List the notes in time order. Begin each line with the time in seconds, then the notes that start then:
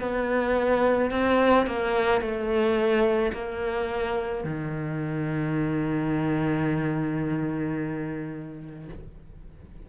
0.00 B3
1.11 C4
1.67 A#3
2.22 A3
3.33 A#3
4.44 D#3